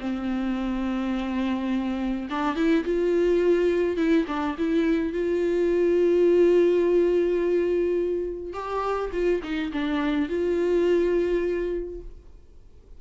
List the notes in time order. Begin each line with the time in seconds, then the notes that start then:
0.00 C4
2.30 D4
2.56 E4
2.85 F4
3.97 E4
4.28 D4
4.58 E4
5.13 F4
8.54 G4
9.13 F4
9.43 D#4
9.72 D4
10.29 F4